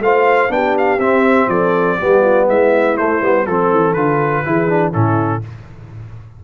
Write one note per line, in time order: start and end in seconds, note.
0.00 0.49 A3
0.00 0.50 F4
0.00 0.53 C5
0.00 0.52 F5
0.50 0.99 B3
0.50 0.99 D4
0.50 1.49 G4
0.50 0.77 G5
0.78 1.00 F5
0.99 1.48 C4
0.99 2.00 C4
0.99 1.49 E5
1.48 1.97 F3
1.48 1.98 A4
1.48 2.48 D5
1.99 2.49 G3
1.99 2.98 B3
1.99 2.21 G4
2.21 2.46 F4
2.48 2.98 G#3
2.48 3.46 E4
2.48 2.97 E5
2.97 3.21 A3
2.97 3.22 A3
2.97 3.46 C5
3.21 3.47 G3
3.21 3.46 B3
3.46 3.71 F3
3.46 3.96 C4
3.46 3.94 A4
3.46 4.46 A4
3.71 3.96 E3
3.94 4.45 D3
3.94 4.45 F4
3.94 4.92 B4
4.45 4.95 E3
4.45 4.69 E4
4.45 4.92 G#4
4.69 4.92 D4
4.92 5.44 A2
4.92 5.42 C#4
4.92 5.41 E4
4.92 5.43 A4